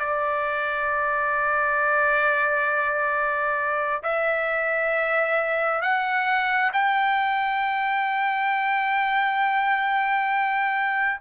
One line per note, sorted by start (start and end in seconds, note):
0.00 4.03 D5
4.03 5.82 E5
5.82 6.72 F#5
6.73 11.21 G5